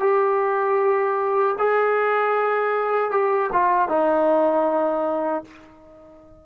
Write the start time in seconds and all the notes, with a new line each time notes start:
0.00 G4
1.59 G#4
3.11 G4
3.53 F4
3.89 D#4